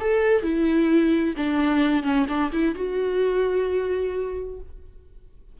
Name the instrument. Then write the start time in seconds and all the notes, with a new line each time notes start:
viola
0.00 A4
0.43 E4
1.37 D4
2.03 C#4
2.28 D4
2.52 E4
2.75 F#4